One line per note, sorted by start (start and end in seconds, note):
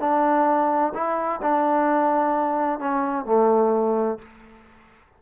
0.00 0.93 D4
0.94 1.41 E4
1.42 2.79 D4
2.79 3.25 C#4
3.25 4.18 A3